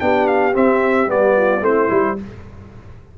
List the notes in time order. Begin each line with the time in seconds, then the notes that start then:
0.00 B3 D4 G4 G5
0.27 F5
0.53 C4 E5
1.07 G3 B3 D5
1.37 F4
1.61 A3 C4 E4 C5
1.89 G3 E4